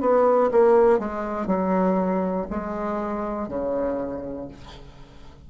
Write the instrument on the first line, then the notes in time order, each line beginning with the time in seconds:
bassoon
0.00 B3
0.51 A#3
0.99 G#3
1.46 F#3
2.50 G#3
3.48 C#3